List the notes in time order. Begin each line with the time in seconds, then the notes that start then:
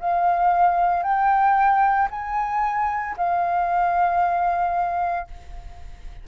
0.00 F5
1.03 G5
2.11 G#5
3.17 F5